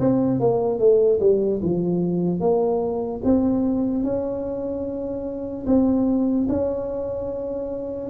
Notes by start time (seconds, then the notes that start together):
0.00 C4
0.40 A#3
0.80 A3
1.21 G3
1.63 F3
2.40 A#3
3.24 C4
4.04 C#4
5.67 C4
6.49 C#4